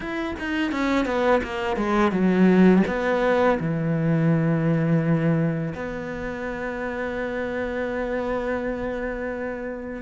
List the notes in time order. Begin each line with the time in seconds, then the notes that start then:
0.00 E4
0.39 D#4
0.71 C#4
1.05 B3
1.43 A#3
1.76 G#3
2.11 F#3
2.87 B3
3.59 E3
5.74 B3